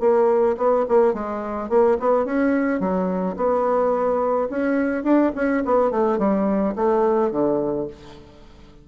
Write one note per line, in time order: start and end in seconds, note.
0.00 0.56 A#3
0.57 0.85 B3
0.88 1.13 A#3
1.13 1.69 G#3
1.69 1.97 A#3
1.99 2.25 B3
2.25 2.80 C#4
2.80 3.36 F#3
3.36 4.48 B3
4.50 5.03 C#4
5.03 5.31 D4
5.35 5.63 C#4
5.65 5.91 B3
5.91 6.18 A3
6.18 6.74 G3
6.75 7.31 A3
7.31 7.87 D3